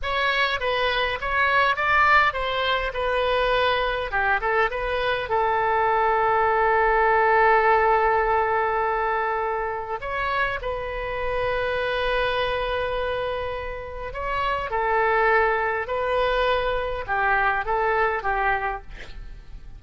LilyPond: \new Staff \with { instrumentName = "oboe" } { \time 4/4 \tempo 4 = 102 cis''4 b'4 cis''4 d''4 | c''4 b'2 g'8 a'8 | b'4 a'2.~ | a'1~ |
a'4 cis''4 b'2~ | b'1 | cis''4 a'2 b'4~ | b'4 g'4 a'4 g'4 | }